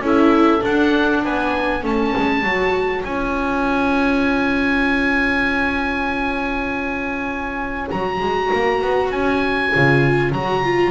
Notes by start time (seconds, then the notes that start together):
0.00 C#4 E4 A4
0.07 E5
0.61 D4 F#5
1.24 B3 B4 G#5
1.83 A3 C#4 C#5 A5
2.18 G#3
2.43 F#3 F#4
3.05 C#4 F4 G#5
7.91 F#3 F#4 A#5
8.21 G#3
8.54 A#3
8.82 B3
9.11 C#4 G#5
9.73 C#3 F4
10.32 F#3 F#4 A#5
10.64 F4